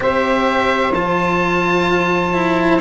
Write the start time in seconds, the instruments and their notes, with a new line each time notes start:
0.00 tuba C4, cello G4, saxophone C5, oboe E5
0.92 tuba F3, cello F4, oboe A5
2.33 cello E4